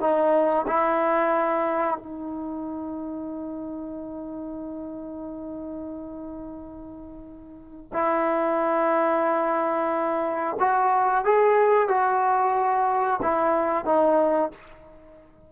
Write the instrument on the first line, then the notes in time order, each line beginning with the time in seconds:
trombone
0.00 D#4
0.67 E4
1.98 D#4
7.93 E4
10.59 F#4
11.24 G#4
11.88 F#4
13.22 E4
13.85 D#4